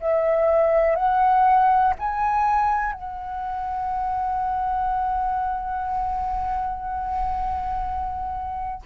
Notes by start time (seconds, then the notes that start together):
0.00 E5
0.95 F#5
1.99 G#5
2.92 F#5